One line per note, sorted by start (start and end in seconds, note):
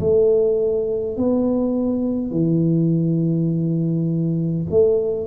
0.00 1.17 A3
1.17 2.31 B3
2.31 4.66 E3
4.70 5.27 A3